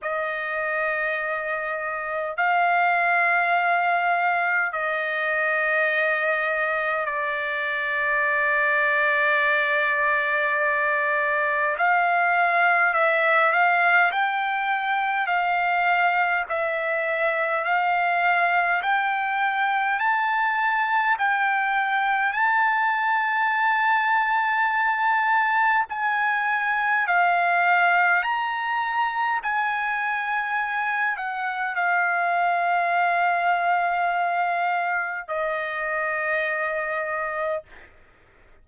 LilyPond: \new Staff \with { instrumentName = "trumpet" } { \time 4/4 \tempo 4 = 51 dis''2 f''2 | dis''2 d''2~ | d''2 f''4 e''8 f''8 | g''4 f''4 e''4 f''4 |
g''4 a''4 g''4 a''4~ | a''2 gis''4 f''4 | ais''4 gis''4. fis''8 f''4~ | f''2 dis''2 | }